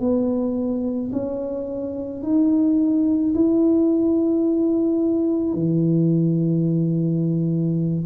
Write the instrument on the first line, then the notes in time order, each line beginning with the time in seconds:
tuba
0.00 B3
1.12 C#4
2.23 D#4
3.35 E4
5.54 E3